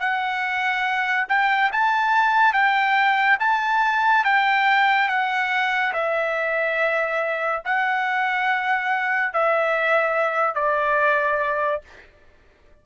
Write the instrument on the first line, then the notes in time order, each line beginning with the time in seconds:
trumpet
0.00 F#5
1.29 G5
1.72 A5
2.54 G5
3.40 A5
4.25 G5
5.09 F#5
5.93 E5
7.65 F#5
9.34 E5
10.55 D5